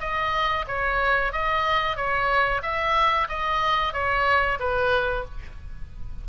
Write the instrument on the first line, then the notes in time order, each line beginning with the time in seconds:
oboe
0.00 D#5
0.68 C#5
1.33 D#5
1.97 C#5
2.62 E5
3.29 D#5
3.93 C#5
4.60 B4